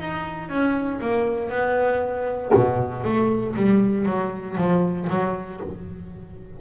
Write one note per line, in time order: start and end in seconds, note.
0.00 0.49 D#4
0.49 1.00 C#4
1.01 1.50 A#3
1.50 2.52 B3
2.54 3.04 B2
3.04 3.55 A3
3.56 4.06 G3
4.06 4.57 F#3
4.58 5.08 F3
5.10 5.61 F#3